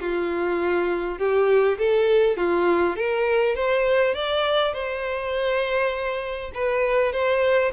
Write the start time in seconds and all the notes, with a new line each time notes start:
0.00 F4
1.18 G4
1.78 A4
2.37 F4
2.96 A#4
3.55 C5
4.14 D5
4.73 C5
6.54 B4
7.12 C5